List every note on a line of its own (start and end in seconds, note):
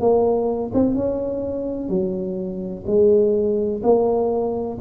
0.00 0.71 A#3
0.74 0.94 C4
0.94 1.89 C#4
1.89 2.84 F#3
2.87 3.82 G#3
3.83 4.78 A#3